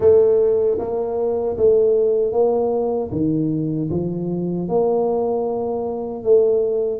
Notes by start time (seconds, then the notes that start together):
0.00 A3
0.78 A#3
1.57 A3
2.32 A#3
3.11 D#3
3.90 F3
4.68 A#3
6.23 A3